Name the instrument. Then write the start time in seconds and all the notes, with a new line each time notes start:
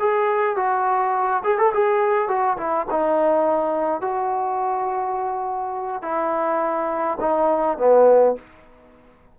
trombone
0.00 G#4
0.56 F#4
1.44 G#4
1.58 A4
1.74 G#4
2.28 F#4
2.58 E4
2.91 D#4
4.01 F#4
6.03 E4
7.20 D#4
7.78 B3